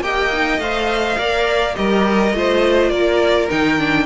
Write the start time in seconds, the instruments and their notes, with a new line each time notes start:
0.00 cello A#3, viola G4, violin D#5 G5
0.32 viola D#4
0.58 cello A3, viola C5, violin F5
1.18 cello A#3, viola A#4, violin D5
1.74 cello G3, viola G4, violin A#4 D#5
2.33 cello A3, viola F4, violin C5
2.89 cello A#3, violin A#4 D5
3.49 cello D#3, viola D#4, violin G5
3.77 viola D4